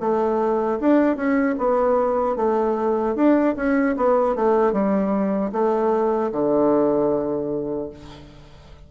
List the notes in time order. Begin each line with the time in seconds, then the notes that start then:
0.00 A3
0.80 D4
1.16 C#4
1.58 B3
2.36 A3
3.15 D4
3.56 C#4
3.97 B3
4.35 A3
4.72 G3
5.52 A3
6.32 D3